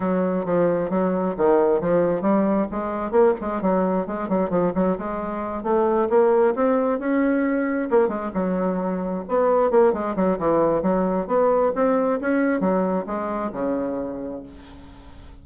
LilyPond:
\new Staff \with { instrumentName = "bassoon" } { \time 4/4 \tempo 4 = 133 fis4 f4 fis4 dis4 | f4 g4 gis4 ais8 gis8 | fis4 gis8 fis8 f8 fis8 gis4~ | gis8 a4 ais4 c'4 cis'8~ |
cis'4. ais8 gis8 fis4.~ | fis8 b4 ais8 gis8 fis8 e4 | fis4 b4 c'4 cis'4 | fis4 gis4 cis2 | }